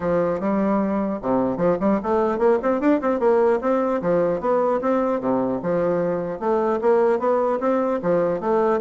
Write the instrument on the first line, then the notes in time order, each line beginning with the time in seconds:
bassoon
0.00 F3
0.40 G3
1.22 C3
1.57 F3
1.79 G3
2.03 A3
2.38 A#3
2.62 C4
2.80 D4
3.01 C4
3.19 A#3
3.61 C4
4.01 F3
4.40 B3
4.81 C4
5.20 C3
5.62 F3
6.39 A3
6.81 A#3
7.19 B3
7.60 C4
8.02 F3
8.40 A3